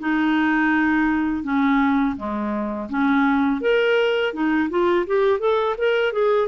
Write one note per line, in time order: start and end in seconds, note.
0.00 1.44 D#4
1.44 2.16 C#4
2.17 2.89 G#3
2.90 3.61 C#4
3.61 4.34 A#4
4.34 4.70 D#4
4.70 5.06 F4
5.07 5.40 G4
5.40 5.76 A4
5.78 6.13 A#4
6.13 6.49 G#4